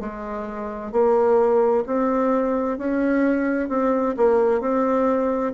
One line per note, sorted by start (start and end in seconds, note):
0.00 0.92 G#3
0.92 1.84 A#3
1.87 2.78 C4
2.78 3.69 C#4
3.69 4.15 C4
4.17 4.61 A#3
4.61 5.53 C4